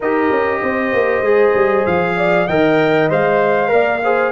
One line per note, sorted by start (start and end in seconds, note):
0.00 0.30 D#4
0.00 1.24 G4
0.00 0.61 A#4
0.00 1.86 D#5
0.30 0.61 C#4
0.61 0.92 C4
0.61 2.16 C5
0.92 1.21 A#3
1.21 1.52 G#3
1.21 2.48 G#4
1.54 1.85 G3
1.86 2.48 F3
1.86 2.47 F5
2.16 2.46 D5
2.46 3.10 D#3
2.46 3.09 A#4
2.46 3.70 D#5
2.46 3.09 G5
3.09 3.72 G#3
3.09 3.68 C5
3.09 4.32 F5
3.68 4.32 A#3
3.68 3.99 A#4
3.68 4.03 D5
4.03 4.32 G#4
4.03 4.32 C5